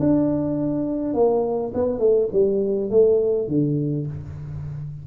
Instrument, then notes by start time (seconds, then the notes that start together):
tuba
0.00 D4
1.14 A#3
1.75 B3
1.99 A3
2.33 G3
2.91 A3
3.48 D3